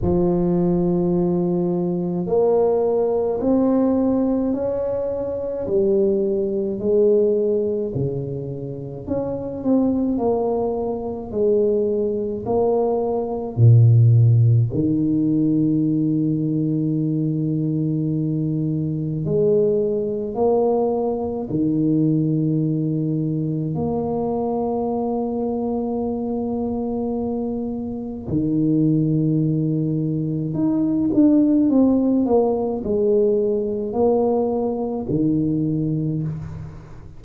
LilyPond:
\new Staff \with { instrumentName = "tuba" } { \time 4/4 \tempo 4 = 53 f2 ais4 c'4 | cis'4 g4 gis4 cis4 | cis'8 c'8 ais4 gis4 ais4 | ais,4 dis2.~ |
dis4 gis4 ais4 dis4~ | dis4 ais2.~ | ais4 dis2 dis'8 d'8 | c'8 ais8 gis4 ais4 dis4 | }